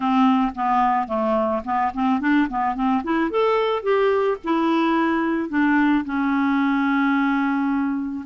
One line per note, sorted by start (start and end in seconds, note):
0.00 0.52 C4
0.55 1.07 B3
1.07 1.62 A3
1.64 1.92 B3
1.94 2.20 C4
2.20 2.48 D4
2.49 2.75 B3
2.75 3.02 C4
3.03 3.30 E4
3.30 3.82 A4
3.82 4.37 G4
4.43 5.49 E4
5.49 6.04 D4
6.05 8.25 C#4